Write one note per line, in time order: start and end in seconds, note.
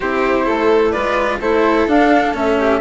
0.00 0.48 C4
0.00 0.93 E4
0.00 0.45 G4
0.00 0.91 C5
0.45 0.96 A3
0.45 0.91 A4
0.91 1.39 G#3
0.91 1.40 F4
0.91 1.38 B4
0.91 1.38 D5
1.39 1.86 A3
1.39 1.88 E4
1.39 2.57 A4
1.39 1.88 C5
1.87 2.34 D4
1.87 2.35 F5
2.34 2.80 A3
2.34 2.80 C#4
2.34 2.80 E5
2.59 2.80 G4